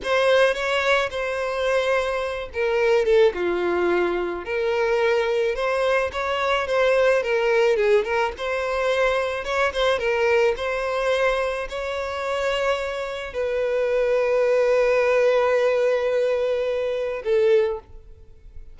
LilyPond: \new Staff \with { instrumentName = "violin" } { \time 4/4 \tempo 4 = 108 c''4 cis''4 c''2~ | c''8 ais'4 a'8 f'2 | ais'2 c''4 cis''4 | c''4 ais'4 gis'8 ais'8 c''4~ |
c''4 cis''8 c''8 ais'4 c''4~ | c''4 cis''2. | b'1~ | b'2. a'4 | }